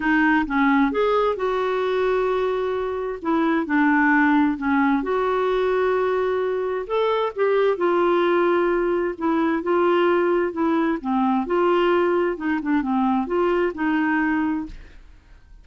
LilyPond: \new Staff \with { instrumentName = "clarinet" } { \time 4/4 \tempo 4 = 131 dis'4 cis'4 gis'4 fis'4~ | fis'2. e'4 | d'2 cis'4 fis'4~ | fis'2. a'4 |
g'4 f'2. | e'4 f'2 e'4 | c'4 f'2 dis'8 d'8 | c'4 f'4 dis'2 | }